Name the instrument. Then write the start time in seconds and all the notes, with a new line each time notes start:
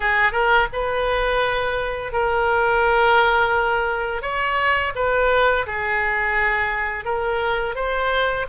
oboe
0.00 G#4
0.32 A#4
0.73 B4
2.12 A#4
4.22 C#5
4.95 B4
5.66 G#4
7.04 A#4
7.75 C5